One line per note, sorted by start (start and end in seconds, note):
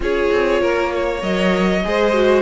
0.00 0.29 C#4
0.00 1.19 F4
0.00 0.61 G#4
0.00 1.22 C#5
0.31 0.61 C4
0.61 1.22 A#3
0.61 0.92 A#4
0.94 1.86 C#5
1.19 1.83 F#3
1.19 1.81 A#4
1.19 2.41 D#5
1.84 2.41 G#3
1.84 2.13 G#4
1.84 2.41 C5
2.13 2.41 F#4